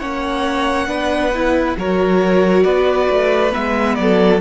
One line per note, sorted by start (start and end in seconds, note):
0.00 0.88 A#3
0.00 0.88 C#4
0.00 0.88 C#5
0.00 1.76 F#5
0.88 1.76 B3
0.88 1.32 D4
0.88 1.77 B4
1.35 1.78 E4
1.78 2.65 F#3
1.78 3.50 F#4
1.78 2.64 A#4
1.78 2.63 C#5
2.63 3.09 B3
2.63 3.97 B4
2.63 3.52 D5
3.10 3.54 A3
3.50 4.38 B3
3.50 3.95 E5
3.56 3.99 G#3
3.95 4.42 F#3
3.95 4.40 D5
4.02 4.42 A4